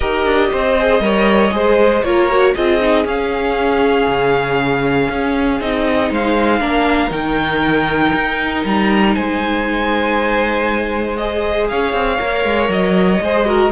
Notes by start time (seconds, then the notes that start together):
0.00 D#4 G4 A#4 D#5
0.25 D4
0.51 C4 C5
0.79 G#4
1.00 G3 A#4 C#5
1.50 G#3 G#4 C5
2.03 A#3 F4 A#4 C#5
2.29 F#4
2.55 C4 F4 G#4 D#5
2.80 D#4
3.04 C#4 F5
4.07 C#3
5.09 C#4
5.60 C4 D#4 D#5
6.10 G#3 C5 F5
6.60 A#3 D4 A#4
7.08 D#3 D#4 G5
8.13 D#4
8.64 G3 A#5
9.14 G#3 C5 G#5
11.16 G#4 D#5
11.68 C#4 C#5 F5
11.93 C4
12.18 A#3 A#4
12.44 G#3
12.68 F#3 D#5
13.21 G#3 G#4 C5
13.45 F#4 A#4